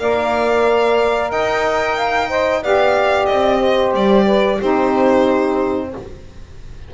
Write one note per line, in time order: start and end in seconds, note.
0.00 1.32 A#3
0.00 2.29 A#4
0.00 1.31 D5
0.00 1.32 F5
1.31 2.63 D#4
1.31 1.97 D#5
1.31 2.64 G5
1.97 2.30 F5
2.29 2.62 C5
2.29 2.63 D#5
2.63 3.29 B3
2.63 4.61 G4
2.63 3.59 D5
2.63 3.26 F5
3.26 3.94 C4
3.26 3.92 D#5
3.59 4.25 C5
3.94 4.60 G3
3.94 4.61 D5
4.25 4.57 B4
4.57 5.94 C4
4.57 5.93 D#4
4.57 5.89 G4
4.57 5.93 C5